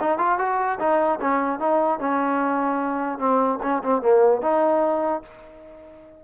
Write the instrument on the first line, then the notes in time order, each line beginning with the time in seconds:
trombone
0.00 D#4
0.18 F4
0.38 F#4
0.79 D#4
1.20 C#4
1.59 D#4
1.99 C#4
3.18 C4
3.62 C#4
3.83 C4
4.01 A#3
4.41 D#4